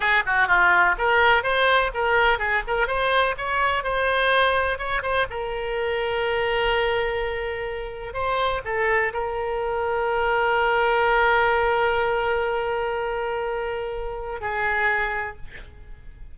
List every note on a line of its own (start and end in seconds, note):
0.00 0.23 G#4
0.26 0.47 F#4
0.47 0.95 F4
0.98 1.43 A#4
1.43 1.91 C5
1.94 2.38 A#4
2.38 2.62 G#4
2.67 2.87 A#4
2.87 3.35 C5
3.37 3.83 C#5
3.83 4.78 C5
4.78 5.02 C#5
5.02 5.26 C5
5.30 8.13 A#4
8.13 8.61 C5
8.64 9.12 A4
9.13 14.40 A#4
14.40 15.36 G#4